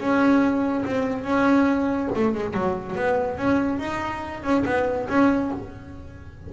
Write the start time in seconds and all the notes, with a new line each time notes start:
0.00 C#4
0.86 C4
1.24 C#4
2.16 A3
2.35 G#3
2.54 F#3
2.96 B3
3.38 C#4
3.80 D#4
4.43 C#4
4.66 B3
5.10 C#4